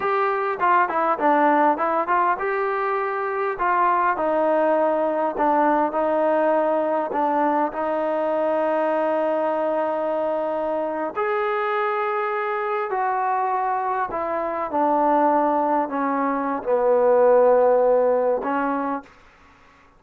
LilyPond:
\new Staff \with { instrumentName = "trombone" } { \time 4/4 \tempo 4 = 101 g'4 f'8 e'8 d'4 e'8 f'8 | g'2 f'4 dis'4~ | dis'4 d'4 dis'2 | d'4 dis'2.~ |
dis'2~ dis'8. gis'4~ gis'16~ | gis'4.~ gis'16 fis'2 e'16~ | e'8. d'2 cis'4~ cis'16 | b2. cis'4 | }